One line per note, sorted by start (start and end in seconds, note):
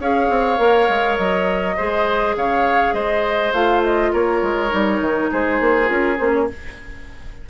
0.00 0.29 C#4
0.00 0.58 G#4
0.00 1.77 C#5
0.00 1.18 F5
0.30 0.59 C4
0.58 0.88 A#3
0.58 1.76 A#4
0.89 1.19 G#3
1.18 1.78 F#3
1.18 2.35 D#5
1.77 2.36 G#3
1.77 3.54 G#4
1.77 2.36 C5
2.36 2.93 C#3
2.36 2.95 C#5
2.36 2.94 F5
2.93 3.52 G#3
2.93 4.12 C5
2.93 3.52 D#5
3.53 4.12 A3
3.53 4.70 F4
3.53 3.83 F5
3.84 4.13 D#5
4.13 4.43 A#3
4.13 5.30 A#4
4.13 5.32 C#5
4.43 4.72 G#3
4.70 5.01 G3
4.70 5.86 D#4
5.01 5.31 D#3
5.32 5.61 G#3
5.32 6.49 G#4
5.32 5.90 C5
5.61 5.90 A#3
5.86 6.19 C#4
5.86 6.16 F4
5.86 6.18 A#4
6.18 6.50 A#3
6.18 6.49 C#4
6.18 6.33 C5
6.33 6.48 C#5